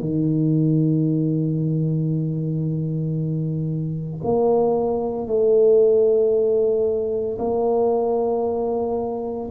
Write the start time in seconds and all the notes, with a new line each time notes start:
0.00 D#3
4.23 A#3
5.27 A3
7.38 A#3